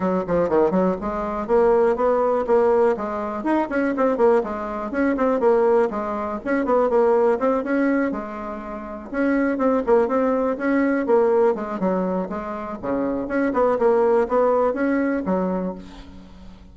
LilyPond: \new Staff \with { instrumentName = "bassoon" } { \time 4/4 \tempo 4 = 122 fis8 f8 dis8 fis8 gis4 ais4 | b4 ais4 gis4 dis'8 cis'8 | c'8 ais8 gis4 cis'8 c'8 ais4 | gis4 cis'8 b8 ais4 c'8 cis'8~ |
cis'8 gis2 cis'4 c'8 | ais8 c'4 cis'4 ais4 gis8 | fis4 gis4 cis4 cis'8 b8 | ais4 b4 cis'4 fis4 | }